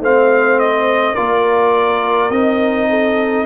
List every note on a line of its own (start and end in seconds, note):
0.00 1.15 A3
0.00 1.16 C4
0.00 1.15 C5
0.00 0.60 F5
0.60 1.16 D#5
1.15 2.30 A#3
1.15 2.31 F4
1.15 2.88 A#4
1.15 2.31 D5
2.30 3.45 C4
2.30 3.47 D#4
2.30 3.47 D#5
2.90 3.47 A4